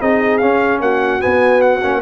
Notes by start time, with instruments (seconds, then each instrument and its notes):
0.00 tuba C4, trombone D#4, horn G#4, trumpet D#5
0.37 trombone C#4, tuba C#4, trumpet F5
0.80 tuba A#3, horn F#4, trumpet F#5
1.20 trombone B3, tuba B3, trumpet G#5
1.61 trumpet F#5
1.81 tuba A#3, trombone C#4